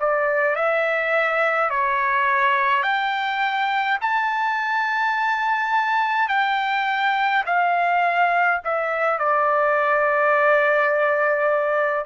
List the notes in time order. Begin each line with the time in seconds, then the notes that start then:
0.00 D5
0.56 E5
1.70 C#5
2.83 G5
4.01 A5
6.29 G5
7.46 F5
8.64 E5
9.19 D5